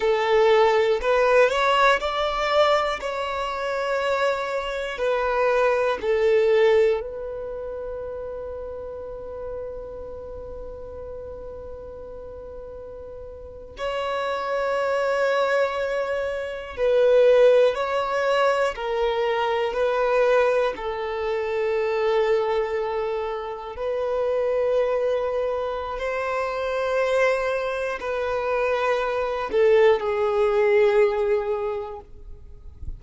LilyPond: \new Staff \with { instrumentName = "violin" } { \time 4/4 \tempo 4 = 60 a'4 b'8 cis''8 d''4 cis''4~ | cis''4 b'4 a'4 b'4~ | b'1~ | b'4.~ b'16 cis''2~ cis''16~ |
cis''8. b'4 cis''4 ais'4 b'16~ | b'8. a'2. b'16~ | b'2 c''2 | b'4. a'8 gis'2 | }